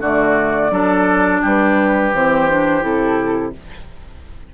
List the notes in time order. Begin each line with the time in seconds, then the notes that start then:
0.00 D3 A3 F#4 D5
0.70 F#3 D4 A4
1.41 G3 G4 B4
2.13 E3 C4 C5
2.49 D4
2.81 C3 E4 A4